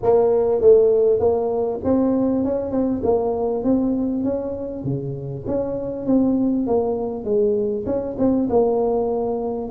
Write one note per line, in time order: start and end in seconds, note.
0.02 0.61 A#3
0.61 1.19 A3
1.19 1.80 A#3
1.83 2.44 C4
2.44 2.71 C#4
2.71 3.01 C4
3.03 3.63 A#3
3.63 4.24 C4
4.24 4.83 C#4
4.83 5.44 C#3
5.47 6.06 C#4
6.06 6.66 C4
6.67 7.24 A#3
7.24 7.85 G#3
7.86 8.16 C#4
8.18 8.48 C4
8.49 9.70 A#3